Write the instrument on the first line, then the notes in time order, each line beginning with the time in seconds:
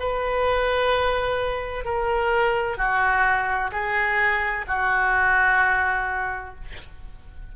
oboe
0.00 B4
1.85 A#4
2.78 F#4
3.72 G#4
4.68 F#4